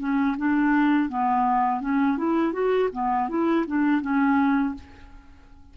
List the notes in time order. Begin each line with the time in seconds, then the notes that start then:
0.00 C#4
0.38 D4
1.09 B3
1.81 C#4
2.18 E4
2.53 F#4
2.93 B3
3.29 E4
3.68 D4
4.02 C#4